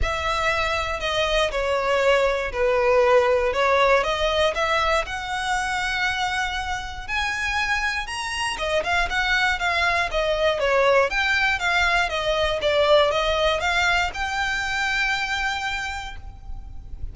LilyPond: \new Staff \with { instrumentName = "violin" } { \time 4/4 \tempo 4 = 119 e''2 dis''4 cis''4~ | cis''4 b'2 cis''4 | dis''4 e''4 fis''2~ | fis''2 gis''2 |
ais''4 dis''8 f''8 fis''4 f''4 | dis''4 cis''4 g''4 f''4 | dis''4 d''4 dis''4 f''4 | g''1 | }